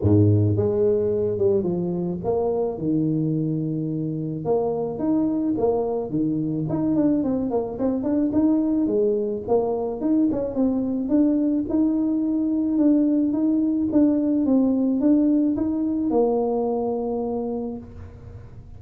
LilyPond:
\new Staff \with { instrumentName = "tuba" } { \time 4/4 \tempo 4 = 108 gis,4 gis4. g8 f4 | ais4 dis2. | ais4 dis'4 ais4 dis4 | dis'8 d'8 c'8 ais8 c'8 d'8 dis'4 |
gis4 ais4 dis'8 cis'8 c'4 | d'4 dis'2 d'4 | dis'4 d'4 c'4 d'4 | dis'4 ais2. | }